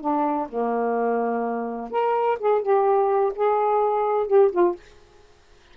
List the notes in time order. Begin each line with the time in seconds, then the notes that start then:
0.00 D4
0.49 A#3
1.90 A#4
2.39 G#4
2.62 G4
3.35 G#4
4.27 G4
4.51 F4